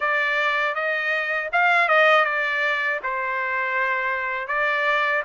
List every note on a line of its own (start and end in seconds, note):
0.00 0.74 D5
0.74 1.49 D#5
1.52 1.88 F5
1.88 2.25 D#5
2.25 3.00 D5
3.03 4.47 C5
4.47 5.22 D5